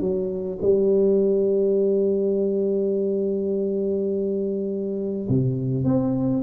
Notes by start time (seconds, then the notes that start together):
0.00 F#3
0.62 G3
5.29 C3
5.84 C4